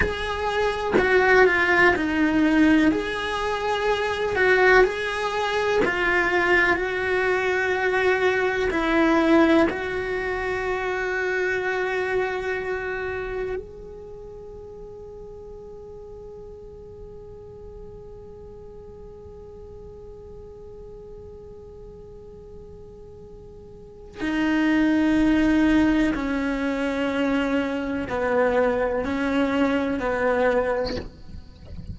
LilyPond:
\new Staff \with { instrumentName = "cello" } { \time 4/4 \tempo 4 = 62 gis'4 fis'8 f'8 dis'4 gis'4~ | gis'8 fis'8 gis'4 f'4 fis'4~ | fis'4 e'4 fis'2~ | fis'2 gis'2~ |
gis'1~ | gis'1~ | gis'4 dis'2 cis'4~ | cis'4 b4 cis'4 b4 | }